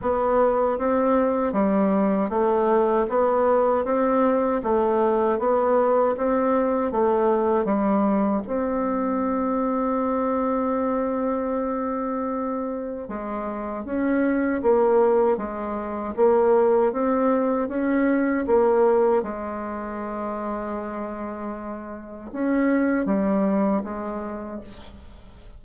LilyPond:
\new Staff \with { instrumentName = "bassoon" } { \time 4/4 \tempo 4 = 78 b4 c'4 g4 a4 | b4 c'4 a4 b4 | c'4 a4 g4 c'4~ | c'1~ |
c'4 gis4 cis'4 ais4 | gis4 ais4 c'4 cis'4 | ais4 gis2.~ | gis4 cis'4 g4 gis4 | }